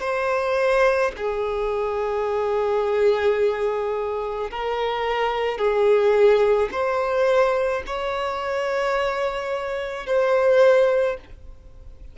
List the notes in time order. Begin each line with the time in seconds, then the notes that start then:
0.00 C5
1.17 G#4
4.51 A#4
5.58 G#4
6.71 C5
7.86 C#5
10.06 C5